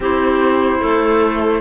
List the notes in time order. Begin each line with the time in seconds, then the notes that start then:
0.00 C4 E4 G4 C5
0.79 A3 A4